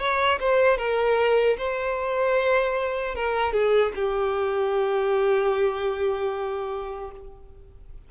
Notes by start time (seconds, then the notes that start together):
0.00 C#5
0.41 C5
0.78 A#4
1.58 C5
3.16 A#4
3.53 G#4
3.96 G4